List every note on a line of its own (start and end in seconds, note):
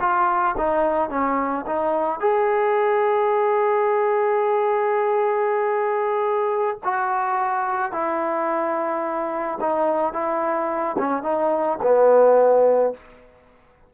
0.00 0.56 F4
0.58 1.10 D#4
1.10 1.66 C#4
1.66 2.20 D#4
2.20 6.79 G#4
6.84 7.92 F#4
7.92 9.59 E4
9.61 10.13 D#4
10.13 10.96 E4
10.98 11.23 C#4
11.23 11.79 D#4
11.83 12.94 B3